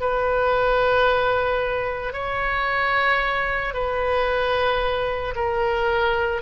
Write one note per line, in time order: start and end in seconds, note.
0.00 2.13 B4
2.13 3.74 C#5
3.74 5.34 B4
5.35 6.42 A#4